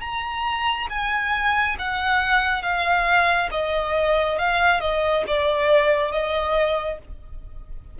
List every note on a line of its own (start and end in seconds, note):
0.00 0.87 A#5
0.89 1.76 G#5
1.79 2.62 F#5
2.62 3.49 F5
3.51 4.38 D#5
4.38 4.80 F5
4.80 5.24 D#5
5.27 6.11 D5
6.11 6.98 D#5